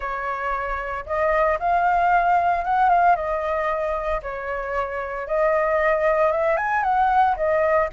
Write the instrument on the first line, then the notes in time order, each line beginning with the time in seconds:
flute
0.00 C#5
1.06 D#5
1.59 F5
2.64 F#5
2.89 F5
3.15 D#5
4.22 C#5
5.27 D#5
6.31 E5
6.56 G#5
6.83 F#5
7.36 D#5